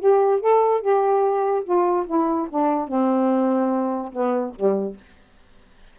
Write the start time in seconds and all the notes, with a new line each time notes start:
0.00 G4
0.41 A4
0.81 G4
1.65 F4
2.07 E4
2.50 D4
2.88 C4
4.13 B3
4.55 G3